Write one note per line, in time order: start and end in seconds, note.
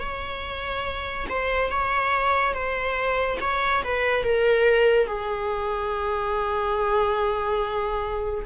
0.00 1.27 C#5
1.29 1.70 C5
1.70 2.54 C#5
2.54 3.38 C5
3.41 3.83 C#5
3.84 4.24 B4
4.24 5.07 A#4
5.07 8.45 G#4